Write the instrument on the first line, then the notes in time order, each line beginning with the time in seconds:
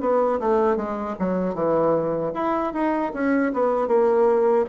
bassoon
0.00 B3
0.39 A3
0.76 G#3
1.19 F#3
1.54 E3
2.34 E4
2.73 D#4
3.13 C#4
3.53 B3
3.87 A#3